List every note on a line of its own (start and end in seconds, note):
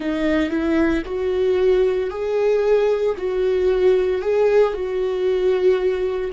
0.00 0.50 D#4
0.50 1.02 E4
1.05 2.10 F#4
2.10 3.15 G#4
3.17 4.21 F#4
4.21 4.73 G#4
4.73 6.31 F#4